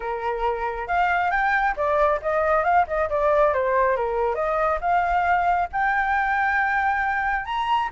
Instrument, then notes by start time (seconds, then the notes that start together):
flute
0.00 A#4
0.87 F5
1.30 G5
1.76 D5
2.22 D#5
2.64 F5
2.87 D#5
3.09 D5
3.53 C5
3.96 A#4
4.35 D#5
4.80 F5
5.72 G5
7.45 A#5